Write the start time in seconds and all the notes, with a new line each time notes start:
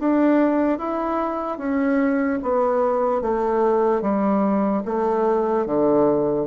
0.00 D4
0.79 E4
1.58 C#4
2.43 B3
3.22 A3
4.02 G3
4.85 A3
5.66 D3